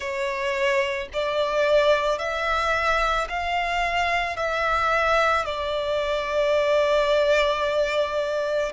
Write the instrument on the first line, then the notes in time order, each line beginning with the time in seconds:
violin
0.00 C#5
1.13 D5
2.18 E5
3.29 F5
4.36 E5
5.45 D5